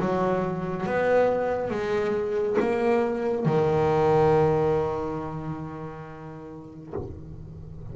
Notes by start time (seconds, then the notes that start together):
0.00 F#3
0.87 B3
1.70 G#3
2.60 A#3
3.45 D#3